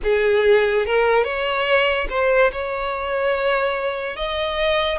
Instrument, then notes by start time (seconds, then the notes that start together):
violin
0.03 G#4
0.86 A#4
1.23 C#5
2.09 C5
2.52 C#5
4.16 D#5